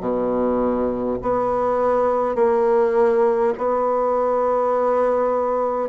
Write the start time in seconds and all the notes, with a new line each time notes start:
0.00 B2
1.22 B3
2.36 A#3
3.58 B3